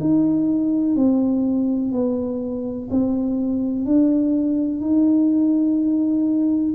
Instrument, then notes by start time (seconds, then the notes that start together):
tuba
0.00 D#4
0.96 C4
1.93 B3
2.91 C4
3.85 D4
4.81 D#4